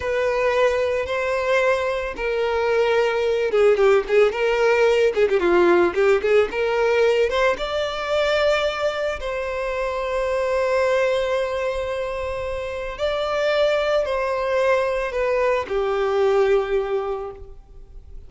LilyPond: \new Staff \with { instrumentName = "violin" } { \time 4/4 \tempo 4 = 111 b'2 c''2 | ais'2~ ais'8 gis'8 g'8 gis'8 | ais'4. gis'16 g'16 f'4 g'8 gis'8 | ais'4. c''8 d''2~ |
d''4 c''2.~ | c''1 | d''2 c''2 | b'4 g'2. | }